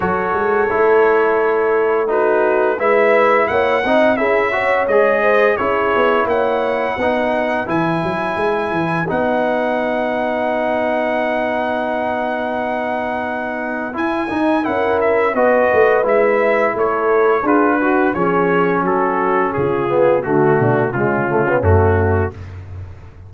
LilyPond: <<
  \new Staff \with { instrumentName = "trumpet" } { \time 4/4 \tempo 4 = 86 cis''2. b'4 | e''4 fis''4 e''4 dis''4 | cis''4 fis''2 gis''4~ | gis''4 fis''2.~ |
fis''1 | gis''4 fis''8 e''8 dis''4 e''4 | cis''4 b'4 cis''4 a'4 | gis'4 fis'4 f'4 fis'4 | }
  \new Staff \with { instrumentName = "horn" } { \time 4/4 a'2. fis'4 | b'4 cis''8 dis''8 gis'8 cis''4 c''8 | gis'4 cis''4 b'2~ | b'1~ |
b'1~ | b'4 ais'4 b'2 | a'4 gis'8 fis'8 gis'4 fis'4 | f'4 fis'8 d'8 cis'2 | }
  \new Staff \with { instrumentName = "trombone" } { \time 4/4 fis'4 e'2 dis'4 | e'4. dis'8 e'8 fis'8 gis'4 | e'2 dis'4 e'4~ | e'4 dis'2.~ |
dis'1 | e'8 dis'8 e'4 fis'4 e'4~ | e'4 f'8 fis'8 cis'2~ | cis'8 b8 a4 gis8 a16 b16 a4 | }
  \new Staff \with { instrumentName = "tuba" } { \time 4/4 fis8 gis8 a2. | gis4 ais8 c'8 cis'4 gis4 | cis'8 b8 ais4 b4 e8 fis8 | gis8 e8 b2.~ |
b1 | e'8 dis'8 cis'4 b8 a8 gis4 | a4 d'4 f4 fis4 | cis4 d8 b,8 cis4 fis,4 | }
>>